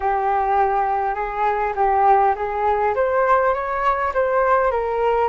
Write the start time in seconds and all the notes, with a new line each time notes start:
0.00 G4
1.14 G#4
1.75 G4
2.35 G#4
2.95 C5
3.53 C#5
4.13 C5
4.71 A#4